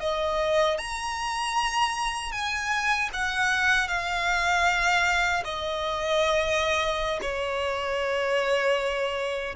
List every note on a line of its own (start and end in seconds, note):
0.00 0.78 D#5
0.78 2.32 A#5
2.32 3.10 G#5
3.13 3.88 F#5
3.88 5.44 F5
5.45 7.20 D#5
7.22 9.56 C#5